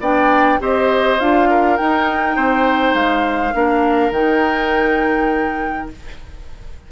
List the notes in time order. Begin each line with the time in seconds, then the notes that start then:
0.00 B3 D4 D5 G5
0.60 C4 G4 C5 D#5
1.20 D4 F4 F5
1.50 A#4
1.77 D#4 G5
2.36 C4 C5
2.94 G#3 F5
3.53 A#3 D4 A#4
4.11 D#3 D#4 G5